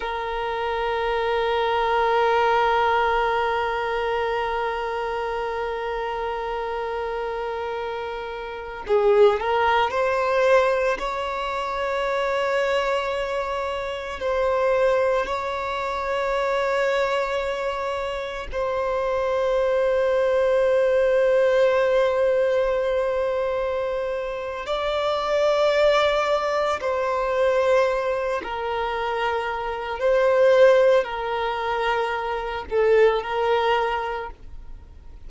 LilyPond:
\new Staff \with { instrumentName = "violin" } { \time 4/4 \tempo 4 = 56 ais'1~ | ais'1~ | ais'16 gis'8 ais'8 c''4 cis''4.~ cis''16~ | cis''4~ cis''16 c''4 cis''4.~ cis''16~ |
cis''4~ cis''16 c''2~ c''8.~ | c''2. d''4~ | d''4 c''4. ais'4. | c''4 ais'4. a'8 ais'4 | }